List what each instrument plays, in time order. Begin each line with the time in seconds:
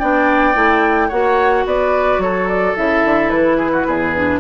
0.00 bassoon B3, clarinet D4, oboe D5, flute G5
0.55 bassoon A3, clarinet E4
1.09 bassoon A#3, clarinet F#4, oboe C#5, flute F#5
1.66 bassoon B3, oboe B4, flute D5
2.19 bassoon F#3, oboe A4, flute C#5
2.48 flute D5
2.76 bassoon C#3, clarinet E4, flute E5
3.05 bassoon D3
3.30 bassoon E3, flute B4
3.57 oboe G#4
3.73 oboe F#4
3.87 bassoon E2, oboe G#4
4.15 clarinet D4